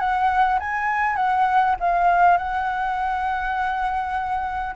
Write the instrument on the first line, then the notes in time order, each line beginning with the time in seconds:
flute
0.00 F#5
0.60 G#5
1.16 F#5
1.81 F5
2.38 F#5